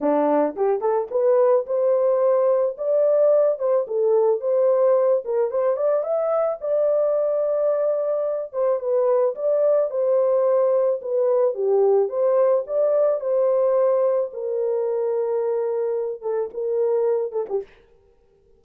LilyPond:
\new Staff \with { instrumentName = "horn" } { \time 4/4 \tempo 4 = 109 d'4 g'8 a'8 b'4 c''4~ | c''4 d''4. c''8 a'4 | c''4. ais'8 c''8 d''8 e''4 | d''2.~ d''8 c''8 |
b'4 d''4 c''2 | b'4 g'4 c''4 d''4 | c''2 ais'2~ | ais'4. a'8 ais'4. a'16 g'16 | }